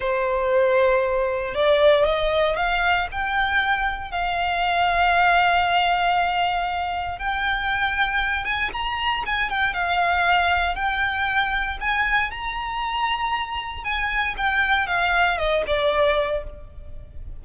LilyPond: \new Staff \with { instrumentName = "violin" } { \time 4/4 \tempo 4 = 117 c''2. d''4 | dis''4 f''4 g''2 | f''1~ | f''2 g''2~ |
g''8 gis''8 ais''4 gis''8 g''8 f''4~ | f''4 g''2 gis''4 | ais''2. gis''4 | g''4 f''4 dis''8 d''4. | }